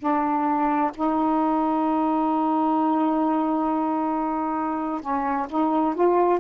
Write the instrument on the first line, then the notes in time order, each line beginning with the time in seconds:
saxophone
0.00 D4
0.95 D#4
5.01 C#4
5.50 D#4
5.95 F4